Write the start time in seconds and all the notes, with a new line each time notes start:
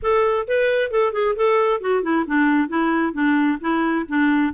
0.02 A4
0.47 B4
0.90 A4
1.12 G#4
1.35 A4
1.80 F#4
2.02 E4
2.26 D4
2.68 E4
3.13 D4
3.60 E4
4.08 D4